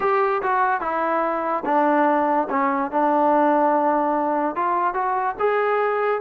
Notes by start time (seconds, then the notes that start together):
0.00 G4
0.42 F#4
0.80 E4
1.65 D4
2.49 C#4
2.91 D4
4.55 F4
4.94 F#4
5.39 G#4